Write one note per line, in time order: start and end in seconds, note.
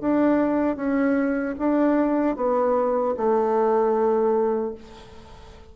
0.00 0.76 D4
0.76 1.55 C#4
1.58 2.36 D4
2.36 3.15 B3
3.17 4.74 A3